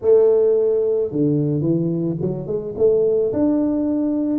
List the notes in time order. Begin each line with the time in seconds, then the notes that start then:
0.01 A3
1.11 D3
1.61 E3
2.21 F#3
2.46 G#3
2.77 A3
3.32 D4